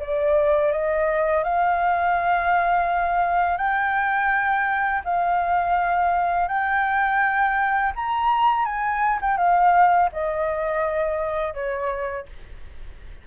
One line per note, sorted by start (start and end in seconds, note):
0.00 0.72 D5
0.72 1.44 D#5
1.44 3.58 F5
3.58 5.02 G5
5.05 6.48 F5
6.48 7.93 G5
7.96 8.65 A#5
8.65 9.19 G#5
9.21 9.37 G5
9.37 10.10 F5
10.13 11.54 D#5
11.54 12.26 C#5